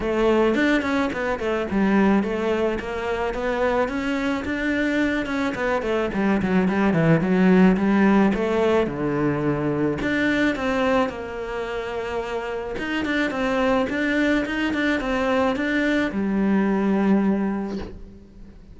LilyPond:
\new Staff \with { instrumentName = "cello" } { \time 4/4 \tempo 4 = 108 a4 d'8 cis'8 b8 a8 g4 | a4 ais4 b4 cis'4 | d'4. cis'8 b8 a8 g8 fis8 | g8 e8 fis4 g4 a4 |
d2 d'4 c'4 | ais2. dis'8 d'8 | c'4 d'4 dis'8 d'8 c'4 | d'4 g2. | }